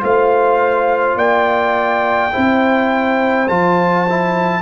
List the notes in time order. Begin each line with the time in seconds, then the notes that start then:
0.00 A3 F4 C5 F5
1.15 A#3 D5 G5
2.32 C4 E4 C5
3.48 F3 F4 A5
4.09 E4